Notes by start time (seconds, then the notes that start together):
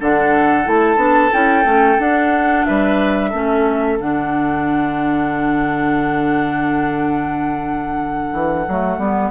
0.00 D3 D4 A4 F#5
0.65 A3 E4 A5
0.96 B3 D4
1.32 C#4 E4 G5
1.64 A3 C#4
1.99 D4 F#5
2.65 G3 B4 E5
3.30 A3 C#4 A4
3.99 D3 D4 F#5
8.32 E3
8.68 F#3 A3
8.98 G3 B3